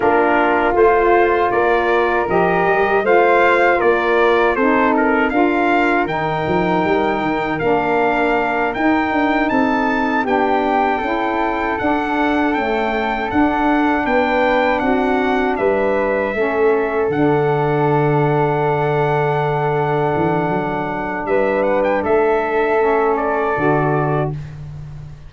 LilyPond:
<<
  \new Staff \with { instrumentName = "trumpet" } { \time 4/4 \tempo 4 = 79 ais'4 c''4 d''4 dis''4 | f''4 d''4 c''8 ais'8 f''4 | g''2 f''4. g''8~ | g''8 a''4 g''2 fis''8~ |
fis''8 g''4 fis''4 g''4 fis''8~ | fis''8 e''2 fis''4.~ | fis''1 | e''8 fis''16 g''16 e''4. d''4. | }
  \new Staff \with { instrumentName = "flute" } { \time 4/4 f'2 ais'2 | c''4 ais'4 a'4 ais'4~ | ais'1~ | ais'8 a'4 g'4 a'4.~ |
a'2~ a'8 b'4 fis'8~ | fis'8 b'4 a'2~ a'8~ | a'1 | b'4 a'2. | }
  \new Staff \with { instrumentName = "saxophone" } { \time 4/4 d'4 f'2 g'4 | f'2 dis'4 f'4 | dis'2 d'4. dis'8~ | dis'4. d'4 e'4 d'8~ |
d'8 a4 d'2~ d'8~ | d'4. cis'4 d'4.~ | d'1~ | d'2 cis'4 fis'4 | }
  \new Staff \with { instrumentName = "tuba" } { \time 4/4 ais4 a4 ais4 f8 g8 | a4 ais4 c'4 d'4 | dis8 f8 g8 dis8 ais4. dis'8 | d'8 c'4 b4 cis'4 d'8~ |
d'8 cis'4 d'4 b4 c'8~ | c'8 g4 a4 d4.~ | d2~ d8 e8 fis4 | g4 a2 d4 | }
>>